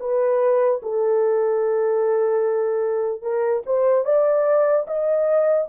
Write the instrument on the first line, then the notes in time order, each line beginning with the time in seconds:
horn
0.00 B4
0.83 A4
3.22 A#4
3.66 C5
4.05 D5
4.87 D#5